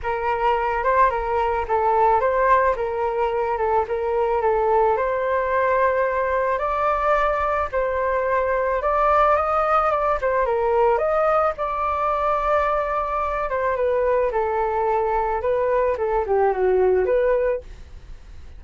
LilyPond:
\new Staff \with { instrumentName = "flute" } { \time 4/4 \tempo 4 = 109 ais'4. c''8 ais'4 a'4 | c''4 ais'4. a'8 ais'4 | a'4 c''2. | d''2 c''2 |
d''4 dis''4 d''8 c''8 ais'4 | dis''4 d''2.~ | d''8 c''8 b'4 a'2 | b'4 a'8 g'8 fis'4 b'4 | }